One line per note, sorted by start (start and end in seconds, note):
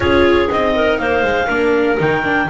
0.00 0.48 C#4
0.00 0.47 F4
0.00 0.75 G#4
0.00 0.49 C#5
0.47 0.99 C4
0.47 1.47 D#4
0.47 0.97 D#5
0.75 1.00 A#4
0.97 1.23 A#3
0.97 1.47 C5
0.97 1.96 F5
1.23 1.48 G#3
1.47 1.98 A#3
1.47 1.98 D4
1.47 2.46 A#4
1.98 2.49 D#3
1.98 2.23 D#4
1.98 2.49 G5
2.23 2.47 D4